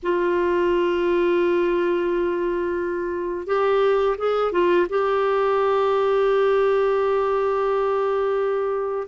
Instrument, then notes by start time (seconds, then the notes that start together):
clarinet
0.03 F4
3.46 G4
4.18 G#4
4.52 F4
4.89 G4